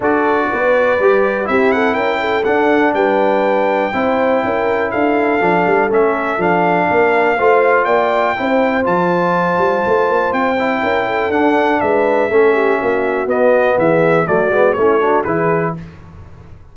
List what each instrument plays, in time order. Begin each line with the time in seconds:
0.00 tuba D4, trombone F#4, horn A4, trumpet D5
0.51 tuba B3, horn B4
0.99 tuba G3, trombone G4
1.44 tuba C4, trombone E4, horn G4, trumpet E5
1.72 horn A4, trumpet F#5
1.93 tuba C#4, horn A#4, trumpet G5
2.20 horn A4
2.44 trombone D4, tuba D4, trumpet F#5
2.93 tuba G3, horn B4, trumpet G5
3.92 tuba C4, trombone E4, horn C5
4.44 tuba C#4, horn A#4
4.91 tuba D4, horn A4, trumpet F5
5.40 tuba F3, trombone D4
5.66 tuba G3
5.89 tuba A3, trombone C#4, trumpet E5
6.37 tuba F3, trombone D4, trumpet F5
6.90 tuba A#3, horn A#4
7.37 tuba A3, trombone F4, horn C5
7.85 tuba A#3, horn D5, trumpet G5
8.36 tuba C4, trombone E4, horn C5
8.83 tuba F3, trombone F4, trumpet A5
9.57 tuba G3
9.86 tuba A3
10.08 tuba A#3
10.32 tuba C4, trumpet G5
10.59 trombone E4
10.81 tuba C#4, horn A#4
11.06 horn A4
11.29 tuba D4, trombone D4, trumpet F#5
11.80 tuba G#3, horn B4, trumpet E5
12.30 tuba A3, trombone C#4, horn A4
12.53 horn G4
12.78 tuba A#3, horn F#4
13.26 tuba B3, trombone B3, trumpet D#5
13.77 tuba E3, horn G#4, trumpet E5
14.27 tuba F#3, trombone A3, horn F#4, trumpet D5
14.50 tuba G#3, trombone B3
14.73 tuba A3, horn E4, trumpet C#5
14.79 trombone C#4
15.00 trombone D4, horn F#4
15.24 tuba E3, trombone E4, horn G#4, trumpet B4